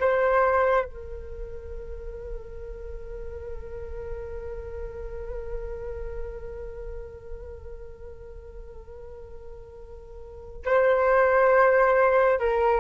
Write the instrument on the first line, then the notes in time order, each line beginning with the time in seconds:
flute
0.00 C5
0.85 A#4
10.65 C5
12.40 A#4